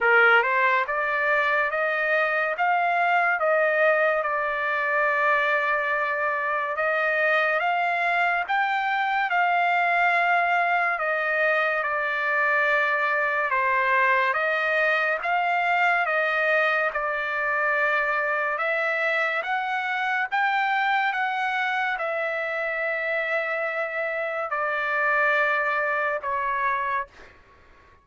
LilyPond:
\new Staff \with { instrumentName = "trumpet" } { \time 4/4 \tempo 4 = 71 ais'8 c''8 d''4 dis''4 f''4 | dis''4 d''2. | dis''4 f''4 g''4 f''4~ | f''4 dis''4 d''2 |
c''4 dis''4 f''4 dis''4 | d''2 e''4 fis''4 | g''4 fis''4 e''2~ | e''4 d''2 cis''4 | }